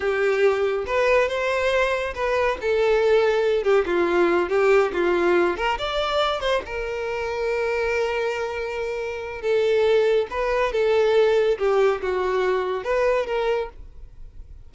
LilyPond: \new Staff \with { instrumentName = "violin" } { \time 4/4 \tempo 4 = 140 g'2 b'4 c''4~ | c''4 b'4 a'2~ | a'8 g'8 f'4. g'4 f'8~ | f'4 ais'8 d''4. c''8 ais'8~ |
ais'1~ | ais'2 a'2 | b'4 a'2 g'4 | fis'2 b'4 ais'4 | }